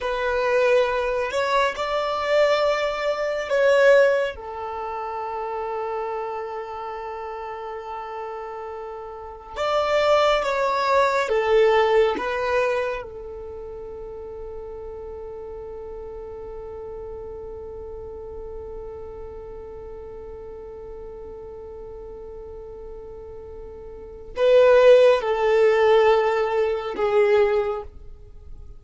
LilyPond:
\new Staff \with { instrumentName = "violin" } { \time 4/4 \tempo 4 = 69 b'4. cis''8 d''2 | cis''4 a'2.~ | a'2. d''4 | cis''4 a'4 b'4 a'4~ |
a'1~ | a'1~ | a'1 | b'4 a'2 gis'4 | }